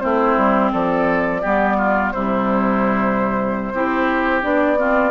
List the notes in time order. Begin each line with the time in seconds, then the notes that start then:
0.00 A3 C4 E4 C5
0.37 G3
0.72 F3 A4 D5
1.41 G3 B3 G4
1.77 F4
2.12 C3 G3 E4 C5
3.73 C4 E4 G4
4.42 B3 D4 D5
4.77 C4 F4